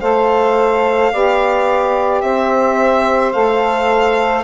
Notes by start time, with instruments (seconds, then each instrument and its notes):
0.00 bassoon A3, saxophone A4 C5, violin F5
1.12 bassoon B3, saxophone G4 D5
2.21 bassoon C4, saxophone C5, violin E5
3.32 bassoon A3, saxophone A4, violin F5